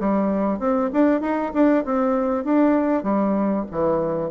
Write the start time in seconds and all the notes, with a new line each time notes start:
0.00 G3
0.60 C4
0.93 D4
1.21 D#4
1.54 D4
1.85 C4
2.45 D4
3.04 G3
3.72 E3